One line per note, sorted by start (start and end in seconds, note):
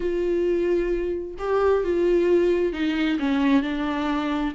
0.00 1.34 F4
1.38 1.83 G4
1.83 2.72 F4
2.72 3.18 D#4
3.19 3.62 C#4
3.62 4.53 D4